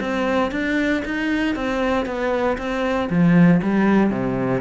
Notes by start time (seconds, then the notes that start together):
0.00 C4
0.52 D4
1.05 D#4
1.55 C4
2.06 B3
2.58 C4
3.10 F3
3.62 G3
4.10 C3